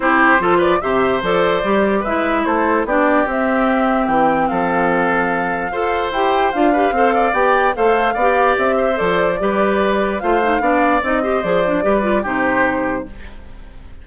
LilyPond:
<<
  \new Staff \with { instrumentName = "flute" } { \time 4/4 \tempo 4 = 147 c''4. d''8 e''4 d''4~ | d''4 e''4 c''4 d''4 | e''2 g''4 f''4~ | f''2. g''4 |
f''2 g''4 f''4~ | f''4 e''4 d''2~ | d''4 f''2 dis''4 | d''2 c''2 | }
  \new Staff \with { instrumentName = "oboe" } { \time 4/4 g'4 a'8 b'8 c''2~ | c''4 b'4 a'4 g'4~ | g'2. a'4~ | a'2 c''2~ |
c''8 b'8 c''8 d''4. c''4 | d''4. c''4. b'4~ | b'4 c''4 d''4. c''8~ | c''4 b'4 g'2 | }
  \new Staff \with { instrumentName = "clarinet" } { \time 4/4 e'4 f'4 g'4 a'4 | g'4 e'2 d'4 | c'1~ | c'2 a'4 g'4 |
f'8 g'8 a'4 g'4 a'4 | g'2 a'4 g'4~ | g'4 f'8 dis'8 d'4 dis'8 g'8 | gis'8 d'8 g'8 f'8 dis'2 | }
  \new Staff \with { instrumentName = "bassoon" } { \time 4/4 c'4 f4 c4 f4 | g4 gis4 a4 b4 | c'2 e4 f4~ | f2 f'4 e'4 |
d'4 c'4 b4 a4 | b4 c'4 f4 g4~ | g4 a4 b4 c'4 | f4 g4 c2 | }
>>